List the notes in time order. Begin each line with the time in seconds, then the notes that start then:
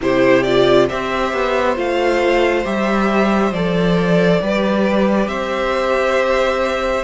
0.01 C3 E4 G4 C5
0.42 F4 D5
0.89 C4 G4 C5 E5
1.32 B3
1.75 A3 F4 F5
2.64 G3 G4 E5
3.51 F3 A4 D5
4.41 G3 G4 B4
5.27 C4 C5 E5